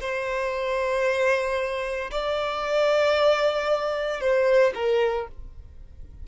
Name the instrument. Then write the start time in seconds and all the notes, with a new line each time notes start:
violin
0.00 C5
2.11 D5
4.21 C5
4.75 A#4